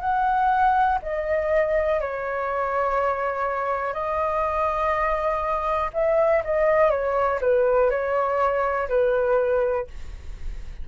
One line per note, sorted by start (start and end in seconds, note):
0.00 0.98 F#5
1.02 2.00 D#5
2.00 3.93 C#5
3.93 5.90 D#5
5.93 6.42 E5
6.44 6.90 D#5
6.90 7.39 C#5
7.41 7.90 B4
7.90 8.88 C#5
8.88 9.87 B4